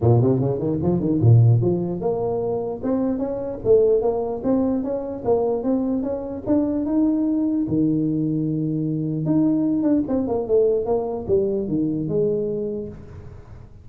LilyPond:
\new Staff \with { instrumentName = "tuba" } { \time 4/4 \tempo 4 = 149 ais,8 c8 cis8 dis8 f8 dis8 ais,4 | f4 ais2 c'4 | cis'4 a4 ais4 c'4 | cis'4 ais4 c'4 cis'4 |
d'4 dis'2 dis4~ | dis2. dis'4~ | dis'8 d'8 c'8 ais8 a4 ais4 | g4 dis4 gis2 | }